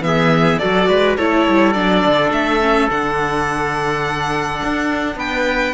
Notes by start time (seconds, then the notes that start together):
0.00 E3 B3 E5
0.07 G#4
0.58 F#3 F#4 A4 D5
0.88 G#3 B4
1.17 A3 E4 A4 C#5
1.48 G3
1.73 F#3 D4 D5
2.05 D3
2.31 A3 E5
2.60 C#4
2.90 D3 D4 F#5
4.63 D4
5.15 B3 B4 G5